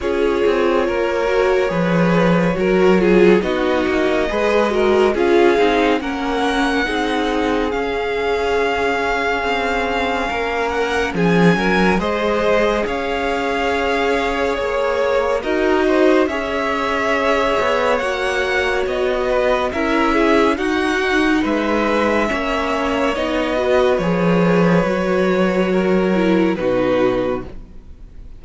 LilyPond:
<<
  \new Staff \with { instrumentName = "violin" } { \time 4/4 \tempo 4 = 70 cis''1 | dis''2 f''4 fis''4~ | fis''4 f''2.~ | f''8 fis''8 gis''4 dis''4 f''4~ |
f''4 cis''4 dis''4 e''4~ | e''4 fis''4 dis''4 e''4 | fis''4 e''2 dis''4 | cis''2. b'4 | }
  \new Staff \with { instrumentName = "violin" } { \time 4/4 gis'4 ais'4 b'4 ais'8 gis'8 | fis'4 b'8 ais'8 gis'4 ais'4 | gis'1 | ais'4 gis'8 ais'8 c''4 cis''4~ |
cis''2 ais'8 c''8 cis''4~ | cis''2~ cis''8 b'8 ais'8 gis'8 | fis'4 b'4 cis''4. b'8~ | b'2 ais'4 fis'4 | }
  \new Staff \with { instrumentName = "viola" } { \time 4/4 f'4. fis'8 gis'4 fis'8 f'8 | dis'4 gis'8 fis'8 f'8 dis'8 cis'4 | dis'4 cis'2.~ | cis'2 gis'2~ |
gis'2 fis'4 gis'4~ | gis'4 fis'2 e'4 | dis'2 cis'4 dis'8 fis'8 | gis'4 fis'4. e'8 dis'4 | }
  \new Staff \with { instrumentName = "cello" } { \time 4/4 cis'8 c'8 ais4 f4 fis4 | b8 ais8 gis4 cis'8 c'8 ais4 | c'4 cis'2 c'4 | ais4 f8 fis8 gis4 cis'4~ |
cis'4 ais4 dis'4 cis'4~ | cis'8 b8 ais4 b4 cis'4 | dis'4 gis4 ais4 b4 | f4 fis2 b,4 | }
>>